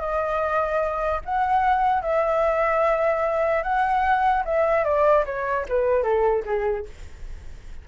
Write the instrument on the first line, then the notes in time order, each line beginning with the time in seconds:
flute
0.00 D#5
1.25 F#5
2.02 E5
3.63 F#5
4.45 E5
4.84 D5
5.26 C#5
5.69 B4
6.03 A4
6.45 G#4